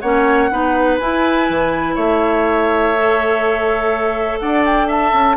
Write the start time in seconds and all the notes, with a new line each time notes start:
0.00 A#3 C#4 C#5 F#5
0.51 B3 D#4 B4
0.98 E4 G#5
1.49 E3
1.95 A3 C#5 E5
2.97 A4
4.40 D4 D5 F#5
4.65 G5
4.87 E5 A5
5.12 C#4